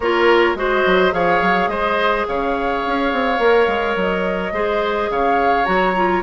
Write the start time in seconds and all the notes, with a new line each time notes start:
0.00 A#3 F4 A#4 C#5
0.54 G#3 F#4 C5 D#5
0.86 F#3
1.10 F3 G#4 C#5 F5
1.41 F#3
1.67 G#3 C5 D#5
2.27 C#3 C#5 F5
2.86 C#4
3.12 C4
3.38 A#3 A#4
3.67 G#3
3.96 F#3 D#5
4.52 G#3 G#4 C5
5.10 C#3 C#5 F5
5.65 F#3 F#4 A#5
5.95 F4